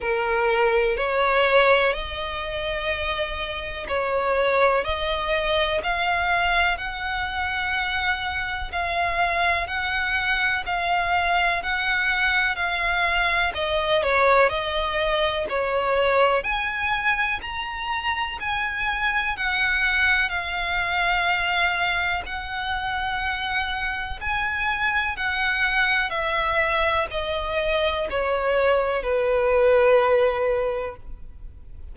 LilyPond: \new Staff \with { instrumentName = "violin" } { \time 4/4 \tempo 4 = 62 ais'4 cis''4 dis''2 | cis''4 dis''4 f''4 fis''4~ | fis''4 f''4 fis''4 f''4 | fis''4 f''4 dis''8 cis''8 dis''4 |
cis''4 gis''4 ais''4 gis''4 | fis''4 f''2 fis''4~ | fis''4 gis''4 fis''4 e''4 | dis''4 cis''4 b'2 | }